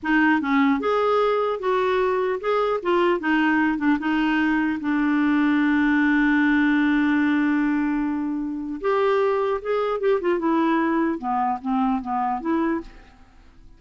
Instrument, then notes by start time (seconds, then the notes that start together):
clarinet
0.02 D#4
0.41 C#4
0.79 G#4
1.59 F#4
2.40 G#4
2.82 F4
3.20 D#4
3.78 D4
3.99 D#4
4.80 D4
8.80 G4
9.61 G#4
10.00 G4
10.20 F4
10.38 E4
11.18 B3
11.61 C4
12.01 B3
12.41 E4